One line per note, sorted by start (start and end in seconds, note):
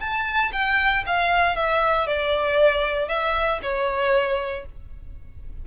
0.00 0.52 A5
0.52 1.04 G5
1.06 1.56 F5
1.56 2.07 E5
2.07 3.08 D5
3.08 3.60 E5
3.62 4.66 C#5